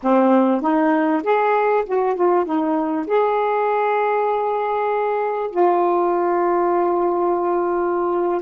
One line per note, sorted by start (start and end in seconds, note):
0.03 0.61 C4
0.61 1.22 D#4
1.23 1.84 G#4
1.85 2.15 F#4
2.15 2.45 F4
2.45 3.06 D#4
3.06 5.50 G#4
5.50 8.41 F4